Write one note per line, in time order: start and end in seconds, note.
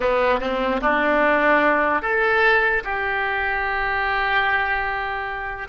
0.00 0.39 B3
0.39 0.80 C4
0.81 2.02 D4
2.02 2.83 A4
2.84 5.68 G4